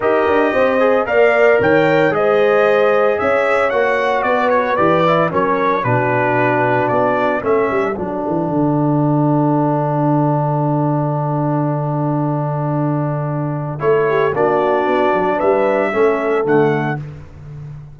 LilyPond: <<
  \new Staff \with { instrumentName = "trumpet" } { \time 4/4 \tempo 4 = 113 dis''2 f''4 g''4 | dis''2 e''4 fis''4 | d''8 cis''8 d''4 cis''4 b'4~ | b'4 d''4 e''4 fis''4~ |
fis''1~ | fis''1~ | fis''2 cis''4 d''4~ | d''4 e''2 fis''4 | }
  \new Staff \with { instrumentName = "horn" } { \time 4/4 ais'4 c''4 d''4 cis''4 | c''2 cis''2 | b'2 ais'4 fis'4~ | fis'2 a'2~ |
a'1~ | a'1~ | a'2~ a'8 g'8 fis'4~ | fis'4 b'4 a'2 | }
  \new Staff \with { instrumentName = "trombone" } { \time 4/4 g'4. gis'8 ais'2 | gis'2. fis'4~ | fis'4 g'8 e'8 cis'4 d'4~ | d'2 cis'4 d'4~ |
d'1~ | d'1~ | d'2 e'4 d'4~ | d'2 cis'4 a4 | }
  \new Staff \with { instrumentName = "tuba" } { \time 4/4 dis'8 d'8 c'4 ais4 dis4 | gis2 cis'4 ais4 | b4 e4 fis4 b,4~ | b,4 b4 a8 g8 fis8 e8 |
d1~ | d1~ | d2 a4 ais4 | b8 fis8 g4 a4 d4 | }
>>